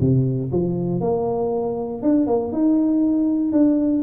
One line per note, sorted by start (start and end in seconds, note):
0.00 0.51 C3
0.52 1.01 F3
1.01 2.02 A#3
2.02 2.27 D4
2.27 2.52 A#3
2.52 3.52 D#4
3.52 4.03 D4